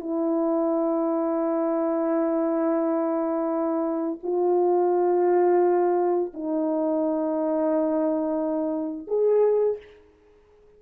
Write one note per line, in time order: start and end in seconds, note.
0.00 4.19 E4
4.23 6.32 F4
6.34 9.08 D#4
9.08 9.77 G#4